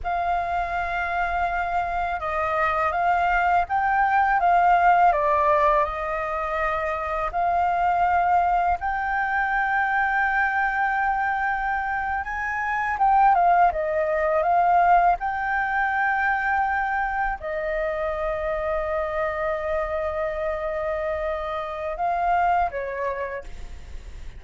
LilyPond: \new Staff \with { instrumentName = "flute" } { \time 4/4 \tempo 4 = 82 f''2. dis''4 | f''4 g''4 f''4 d''4 | dis''2 f''2 | g''1~ |
g''8. gis''4 g''8 f''8 dis''4 f''16~ | f''8. g''2. dis''16~ | dis''1~ | dis''2 f''4 cis''4 | }